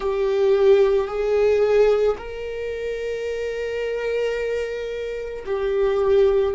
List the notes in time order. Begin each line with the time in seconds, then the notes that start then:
0.00 G4
1.07 G#4
2.17 A#4
5.45 G4